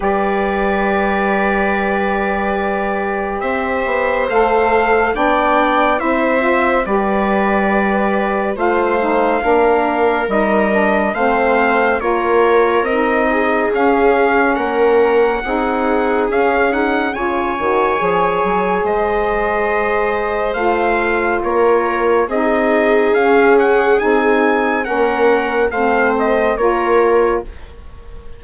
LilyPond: <<
  \new Staff \with { instrumentName = "trumpet" } { \time 4/4 \tempo 4 = 70 d''1 | e''4 f''4 g''4 e''4 | d''2 f''2 | dis''4 f''4 cis''4 dis''4 |
f''4 fis''2 f''8 fis''8 | gis''2 dis''2 | f''4 cis''4 dis''4 f''8 fis''8 | gis''4 fis''4 f''8 dis''8 cis''4 | }
  \new Staff \with { instrumentName = "viola" } { \time 4/4 b'1 | c''2 d''4 c''4 | b'2 c''4 ais'4~ | ais'4 c''4 ais'4. gis'8~ |
gis'4 ais'4 gis'2 | cis''2 c''2~ | c''4 ais'4 gis'2~ | gis'4 ais'4 c''4 ais'4 | }
  \new Staff \with { instrumentName = "saxophone" } { \time 4/4 g'1~ | g'4 a'4 d'4 e'8 f'8 | g'2 f'8 dis'8 d'4 | dis'8 d'8 c'4 f'4 dis'4 |
cis'2 dis'4 cis'8 dis'8 | f'8 fis'8 gis'2. | f'2 dis'4 cis'4 | dis'4 cis'4 c'4 f'4 | }
  \new Staff \with { instrumentName = "bassoon" } { \time 4/4 g1 | c'8 b8 a4 b4 c'4 | g2 a4 ais4 | g4 a4 ais4 c'4 |
cis'4 ais4 c'4 cis'4 | cis8 dis8 f8 fis8 gis2 | a4 ais4 c'4 cis'4 | c'4 ais4 a4 ais4 | }
>>